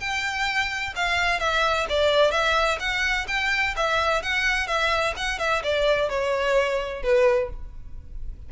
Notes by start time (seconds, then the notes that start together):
0.00 G5
0.96 F5
1.40 E5
1.89 D5
2.31 E5
2.80 F#5
3.28 G5
3.77 E5
4.22 F#5
4.67 E5
5.16 F#5
5.39 E5
5.63 D5
6.09 C#5
7.03 B4